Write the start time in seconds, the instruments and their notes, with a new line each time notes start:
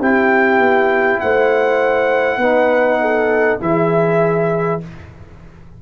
0.00 tuba C4, trombone E4, horn G4, trumpet G5
0.59 tuba B3
1.20 tuba A3, horn C5, trumpet F#5
2.37 tuba B3, trombone D#4, horn B4
3.01 horn A4
3.60 tuba E3, trombone E4, horn G#4, trumpet E5